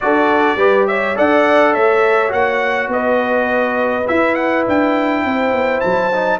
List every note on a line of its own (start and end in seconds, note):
0.00 0.56 D4
0.00 0.58 F#4
0.00 0.57 A4
0.00 0.87 D5
0.56 1.14 G3
0.56 1.15 G4
0.56 0.86 B4
0.87 1.16 C#5
0.87 1.16 E5
1.15 1.75 D4
1.15 2.29 A4
1.15 1.73 D5
1.15 1.74 F#5
1.73 2.32 A3
1.73 2.90 C#5
1.73 2.32 E5
2.29 2.87 A#3
2.29 4.03 F#4
2.29 2.90 F#5
2.87 4.04 B3
2.87 5.25 B4
2.87 4.07 D#5
4.07 6.12 E4
4.07 4.67 E4
4.07 4.34 E5
4.34 4.63 F#5
4.67 5.24 D4
4.67 5.80 G5
5.24 5.52 C4
5.24 6.40 C5
5.52 5.81 B3
5.80 6.40 F#3
5.80 6.38 A5
6.12 6.40 D#4